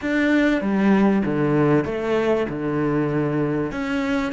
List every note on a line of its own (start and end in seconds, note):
0.01 0.61 D4
0.61 1.23 G3
1.25 1.84 D3
1.84 2.46 A3
2.49 3.71 D3
3.71 4.32 C#4